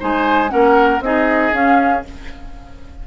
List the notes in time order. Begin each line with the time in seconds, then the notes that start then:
0.00 G#3 D#4 C5 G#5
0.49 A#3 C#4 A#4 F#5
1.01 C4 D#4 G#4 D#5
1.53 C#4 F5